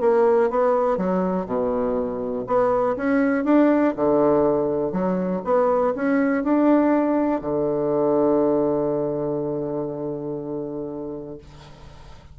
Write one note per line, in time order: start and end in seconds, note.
0.00 0.50 A#3
0.50 0.97 B3
0.97 1.46 F#3
1.46 2.45 B2
2.46 2.96 B3
2.96 3.44 C#4
3.44 3.94 D4
3.96 4.92 D3
4.92 5.41 F#3
5.44 5.93 B3
5.95 6.43 C#4
6.43 7.41 D4
7.41 11.38 D3